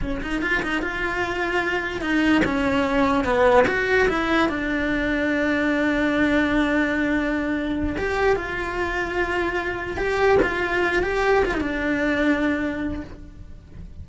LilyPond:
\new Staff \with { instrumentName = "cello" } { \time 4/4 \tempo 4 = 147 cis'8 dis'8 f'8 dis'8 f'2~ | f'4 dis'4 cis'2 | b4 fis'4 e'4 d'4~ | d'1~ |
d'2.~ d'8 g'8~ | g'8 f'2.~ f'8~ | f'8 g'4 f'4. g'4 | f'16 dis'16 d'2.~ d'8 | }